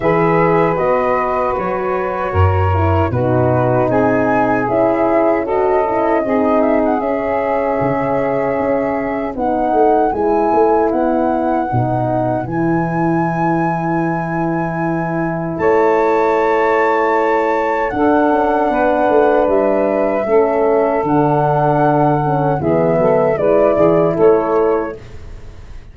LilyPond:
<<
  \new Staff \with { instrumentName = "flute" } { \time 4/4 \tempo 4 = 77 e''4 dis''4 cis''2 | b'4 gis''4 e''4 dis''4~ | dis''8 e''16 fis''16 e''2. | fis''4 gis''4 fis''2 |
gis''1 | a''2. fis''4~ | fis''4 e''2 fis''4~ | fis''4 e''4 d''4 cis''4 | }
  \new Staff \with { instrumentName = "saxophone" } { \time 4/4 b'2. ais'4 | fis'4 gis'2 a'4 | gis'1 | b'1~ |
b'1 | cis''2. a'4 | b'2 a'2~ | a'4 gis'8 a'8 b'8 gis'8 a'4 | }
  \new Staff \with { instrumentName = "horn" } { \time 4/4 gis'4 fis'2~ fis'8 e'8 | dis'2 e'4 fis'8 e'8 | dis'4 cis'2. | dis'4 e'2 dis'4 |
e'1~ | e'2. d'4~ | d'2 cis'4 d'4~ | d'8 cis'8 b4 e'2 | }
  \new Staff \with { instrumentName = "tuba" } { \time 4/4 e4 b4 fis4 fis,4 | b,4 c'4 cis'2 | c'4 cis'4 cis4 cis'4 | b8 a8 gis8 a8 b4 b,4 |
e1 | a2. d'8 cis'8 | b8 a8 g4 a4 d4~ | d4 e8 fis8 gis8 e8 a4 | }
>>